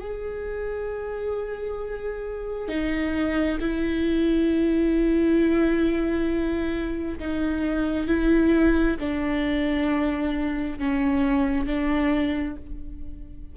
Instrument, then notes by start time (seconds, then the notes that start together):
viola
0.00 G#4
2.68 D#4
3.60 E4
7.19 D#4
8.07 E4
8.99 D4
10.78 C#4
11.66 D4